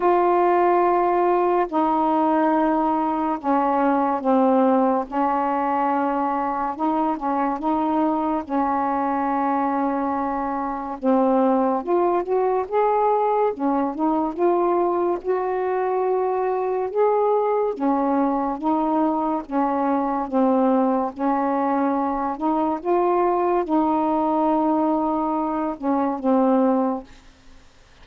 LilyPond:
\new Staff \with { instrumentName = "saxophone" } { \time 4/4 \tempo 4 = 71 f'2 dis'2 | cis'4 c'4 cis'2 | dis'8 cis'8 dis'4 cis'2~ | cis'4 c'4 f'8 fis'8 gis'4 |
cis'8 dis'8 f'4 fis'2 | gis'4 cis'4 dis'4 cis'4 | c'4 cis'4. dis'8 f'4 | dis'2~ dis'8 cis'8 c'4 | }